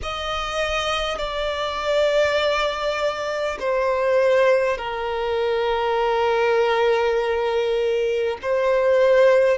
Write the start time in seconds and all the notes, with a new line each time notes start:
0.02 D#5
1.18 D5
3.59 C5
4.77 A#4
8.42 C5